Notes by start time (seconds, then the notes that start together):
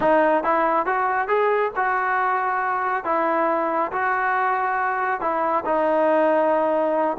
0.00 D#4
0.43 E4
0.86 F#4
1.28 G#4
1.76 F#4
3.04 E4
3.92 F#4
5.20 E4
5.65 D#4